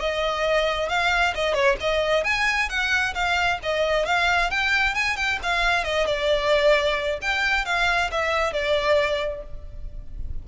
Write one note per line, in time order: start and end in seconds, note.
0.00 0.89 D#5
0.89 1.34 F5
1.35 1.54 D#5
1.54 1.77 C#5
1.80 2.24 D#5
2.24 2.69 G#5
2.69 3.14 F#5
3.14 3.59 F5
3.63 4.05 D#5
4.05 4.50 F5
4.50 4.95 G5
4.95 5.16 G#5
5.16 5.39 G5
5.43 5.84 F5
5.84 6.06 D#5
6.06 7.19 D5
7.21 7.65 G5
7.65 8.10 F5
8.11 8.53 E5
8.53 9.43 D5